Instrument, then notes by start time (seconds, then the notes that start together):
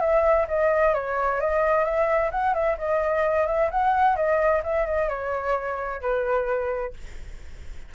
flute
0.00 E5
0.48 D#5
0.94 C#5
1.41 D#5
1.84 E5
2.31 F#5
2.54 E5
2.78 D#5
3.47 E5
3.71 F#5
4.16 D#5
4.64 E5
4.86 D#5
5.09 C#5
6.01 B4